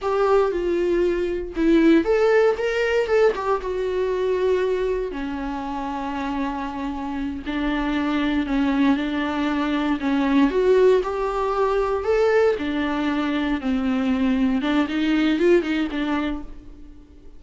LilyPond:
\new Staff \with { instrumentName = "viola" } { \time 4/4 \tempo 4 = 117 g'4 f'2 e'4 | a'4 ais'4 a'8 g'8 fis'4~ | fis'2 cis'2~ | cis'2~ cis'8 d'4.~ |
d'8 cis'4 d'2 cis'8~ | cis'8 fis'4 g'2 a'8~ | a'8 d'2 c'4.~ | c'8 d'8 dis'4 f'8 dis'8 d'4 | }